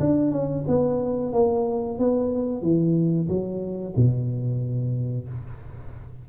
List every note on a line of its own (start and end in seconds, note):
0.00 0.32 D4
0.32 0.65 C#4
0.67 1.33 B3
1.33 1.99 A#3
1.99 2.62 B3
2.62 3.28 E3
3.28 3.94 F#3
3.97 5.28 B2